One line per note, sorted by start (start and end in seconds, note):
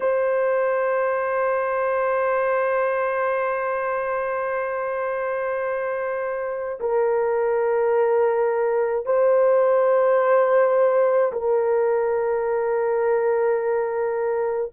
0.00 6.79 C5
6.79 9.05 A#4
9.05 11.32 C5
11.32 14.72 A#4